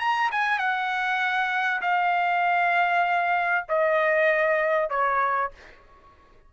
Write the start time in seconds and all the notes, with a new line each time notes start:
0.00 A#5
0.32 G#5
0.59 F#5
1.82 F5
3.69 D#5
4.90 C#5